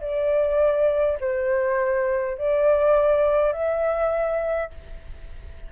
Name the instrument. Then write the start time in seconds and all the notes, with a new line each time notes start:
flute
0.00 D5
1.20 C5
2.37 D5
3.52 E5